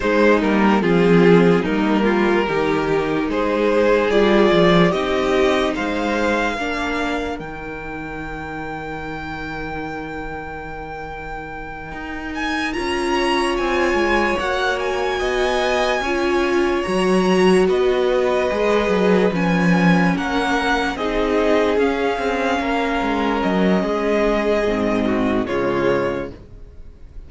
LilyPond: <<
  \new Staff \with { instrumentName = "violin" } { \time 4/4 \tempo 4 = 73 c''8 ais'8 gis'4 ais'2 | c''4 d''4 dis''4 f''4~ | f''4 g''2.~ | g''2. gis''8 ais''8~ |
ais''8 gis''4 fis''8 gis''2~ | gis''8 ais''4 dis''2 gis''8~ | gis''8 fis''4 dis''4 f''4.~ | f''8 dis''2~ dis''8 cis''4 | }
  \new Staff \with { instrumentName = "violin" } { \time 4/4 dis'4 f'4 dis'8 f'8 g'4 | gis'2 g'4 c''4 | ais'1~ | ais'1 |
cis''2~ cis''8 dis''4 cis''8~ | cis''4. b'2~ b'8~ | b'8 ais'4 gis'2 ais'8~ | ais'4 gis'4. fis'8 f'4 | }
  \new Staff \with { instrumentName = "viola" } { \time 4/4 gis8 ais8 c'4 ais4 dis'4~ | dis'4 f'4 dis'2 | d'4 dis'2.~ | dis'2.~ dis'8 f'8~ |
f'4. fis'2 f'8~ | f'8 fis'2 gis'4 cis'8~ | cis'4. dis'4 cis'4.~ | cis'2 c'4 gis4 | }
  \new Staff \with { instrumentName = "cello" } { \time 4/4 gis8 g8 f4 g4 dis4 | gis4 g8 f8 c'4 gis4 | ais4 dis2.~ | dis2~ dis8 dis'4 cis'8~ |
cis'8 c'8 gis8 ais4 b4 cis'8~ | cis'8 fis4 b4 gis8 fis8 f8~ | f8 ais4 c'4 cis'8 c'8 ais8 | gis8 fis8 gis4 gis,4 cis4 | }
>>